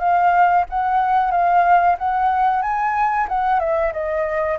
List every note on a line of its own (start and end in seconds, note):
0.00 0.65 F5
0.70 1.32 F#5
1.32 1.97 F5
1.99 2.63 F#5
2.63 3.28 G#5
3.28 3.60 F#5
3.60 3.93 E5
3.93 4.58 D#5